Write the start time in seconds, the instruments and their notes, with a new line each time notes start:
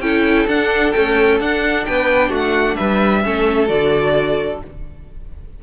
0.00 cello C#4, viola E4, violin A4 G5
0.47 viola D4, cello D4, violin F#5
0.92 viola A3, cello C#4, violin G5
1.40 cello D4, viola D4, violin F#5
1.85 cello B3, violin B4 G5
2.29 cello A3, violin F#4
2.35 violin F#5
2.76 cello G3, violin B4 E5
3.24 cello A3, viola C#4, violin A4
3.68 cello D3, viola F#4, violin D5